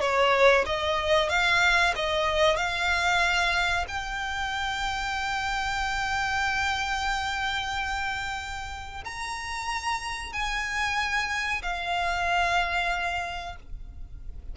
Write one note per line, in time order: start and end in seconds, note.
0.00 0.65 C#5
0.65 1.29 D#5
1.29 1.94 F5
1.95 2.56 D#5
2.56 3.85 F5
3.88 9.04 G5
9.04 10.33 A#5
10.33 11.62 G#5
11.62 13.56 F5